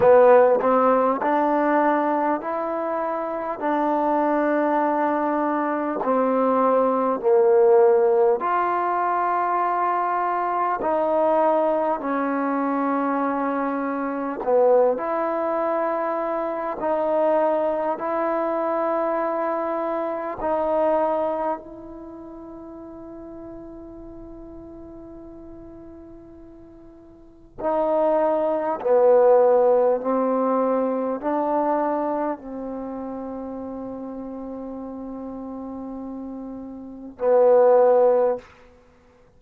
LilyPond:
\new Staff \with { instrumentName = "trombone" } { \time 4/4 \tempo 4 = 50 b8 c'8 d'4 e'4 d'4~ | d'4 c'4 ais4 f'4~ | f'4 dis'4 cis'2 | b8 e'4. dis'4 e'4~ |
e'4 dis'4 e'2~ | e'2. dis'4 | b4 c'4 d'4 c'4~ | c'2. b4 | }